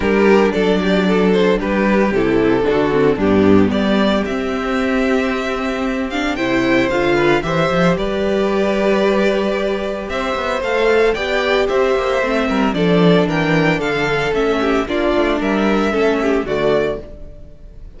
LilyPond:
<<
  \new Staff \with { instrumentName = "violin" } { \time 4/4 \tempo 4 = 113 ais'4 d''4. c''8 b'4 | a'2 g'4 d''4 | e''2.~ e''8 f''8 | g''4 f''4 e''4 d''4~ |
d''2. e''4 | f''4 g''4 e''2 | d''4 g''4 f''4 e''4 | d''4 e''2 d''4 | }
  \new Staff \with { instrumentName = "violin" } { \time 4/4 g'4 a'8 g'8 a'4 g'4~ | g'4 fis'4 d'4 g'4~ | g'1 | c''4. b'8 c''4 b'4~ |
b'2. c''4~ | c''4 d''4 c''4. ais'8 | a'4 ais'4 a'4. g'8 | f'4 ais'4 a'8 g'8 fis'4 | }
  \new Staff \with { instrumentName = "viola" } { \time 4/4 d'1 | e'4 d'8 c'8 b2 | c'2.~ c'8 d'8 | e'4 f'4 g'2~ |
g'1 | a'4 g'2 c'4 | d'2. cis'4 | d'2 cis'4 a4 | }
  \new Staff \with { instrumentName = "cello" } { \time 4/4 g4 fis2 g4 | c4 d4 g,4 g4 | c'1 | c4 d4 e8 f8 g4~ |
g2. c'8 b8 | a4 b4 c'8 ais8 a8 g8 | f4 e4 d4 a4 | ais8 a8 g4 a4 d4 | }
>>